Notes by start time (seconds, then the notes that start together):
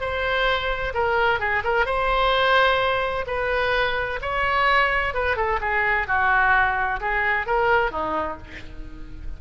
0.00 C5
0.94 A#4
1.39 G#4
1.64 A#4
1.85 C5
3.26 B4
4.21 C#5
5.14 B4
5.36 A4
5.60 G#4
6.07 F#4
7.00 G#4
7.46 A#4
7.91 D#4